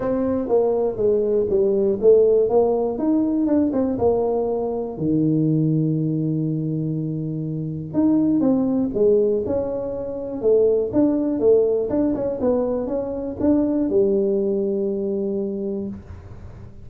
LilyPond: \new Staff \with { instrumentName = "tuba" } { \time 4/4 \tempo 4 = 121 c'4 ais4 gis4 g4 | a4 ais4 dis'4 d'8 c'8 | ais2 dis2~ | dis1 |
dis'4 c'4 gis4 cis'4~ | cis'4 a4 d'4 a4 | d'8 cis'8 b4 cis'4 d'4 | g1 | }